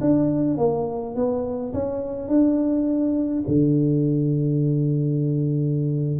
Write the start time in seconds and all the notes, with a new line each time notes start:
0.00 D4
0.57 A#3
1.15 B3
1.73 C#4
2.28 D4
3.47 D3